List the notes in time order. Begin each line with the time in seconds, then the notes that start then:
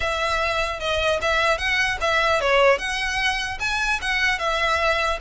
0.00 E5
0.79 D#5
1.21 E5
1.58 F#5
2.00 E5
2.40 C#5
2.78 F#5
3.59 G#5
4.01 F#5
4.38 E5